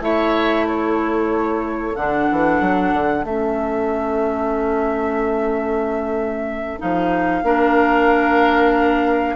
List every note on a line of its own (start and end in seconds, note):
0.00 1.94 A3
0.00 1.95 E4
0.00 0.66 C#5
0.00 0.67 E5
0.66 7.44 A4
0.66 1.95 C#5
1.95 2.28 D3
1.95 3.26 D4
1.95 3.24 F#5
2.32 2.61 E3
2.61 2.93 F#3
2.93 3.24 D3
3.24 6.79 A3
3.24 6.79 C#4
3.24 6.80 E5
6.79 7.43 F3
6.79 7.43 D#4
6.79 9.35 F5
7.43 9.35 A#3
7.43 9.35 D4
7.43 9.35 A#4